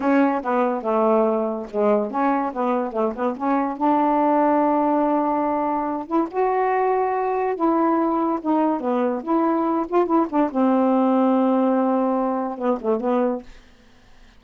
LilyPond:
\new Staff \with { instrumentName = "saxophone" } { \time 4/4 \tempo 4 = 143 cis'4 b4 a2 | gis4 cis'4 b4 a8 b8 | cis'4 d'2.~ | d'2~ d'8 e'8 fis'4~ |
fis'2 e'2 | dis'4 b4 e'4. f'8 | e'8 d'8 c'2.~ | c'2 b8 a8 b4 | }